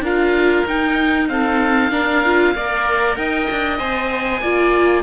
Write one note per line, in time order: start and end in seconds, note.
0.00 0.62 D4
0.00 0.67 F4
0.00 1.29 A#4
0.00 0.68 F5
0.66 1.91 D#4
0.66 1.29 D#4
0.66 1.29 G5
1.29 1.91 C4
1.29 1.92 A4
1.29 3.16 F5
1.91 2.22 D4
1.91 2.54 D4
1.91 2.54 A#4
2.25 2.56 F4
2.55 3.17 A#3
2.55 3.79 A#4
2.55 3.18 D5
3.16 3.48 D#4
3.16 4.42 D#5
3.16 3.78 G5
3.51 3.79 D4
3.79 4.42 C4
3.79 4.42 C5
3.79 5.03 G#5
4.42 5.03 A#3
4.42 5.03 F4
4.42 5.03 D5